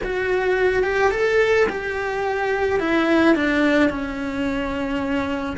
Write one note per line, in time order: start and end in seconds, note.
0.04 0.83 F#4
0.83 1.11 G4
1.11 1.66 A4
1.69 2.79 G4
2.79 3.35 E4
3.35 3.89 D4
3.89 5.56 C#4